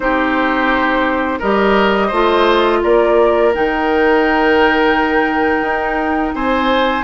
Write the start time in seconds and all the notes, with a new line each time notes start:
0.00 C4 D#4 G4 C5
1.39 G3 G4 A#4 D#5
2.07 A3 F4 C5
2.83 A#3 A#4 D5
3.53 D#3 D#4 G5
5.61 D#4
6.34 C4 C5 G#5